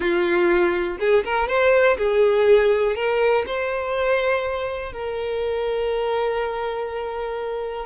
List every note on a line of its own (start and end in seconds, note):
0.00 0.97 F4
0.99 1.24 G#4
1.24 1.48 A#4
1.48 1.97 C5
1.97 2.95 G#4
2.95 3.44 A#4
3.46 4.92 C5
4.92 7.86 A#4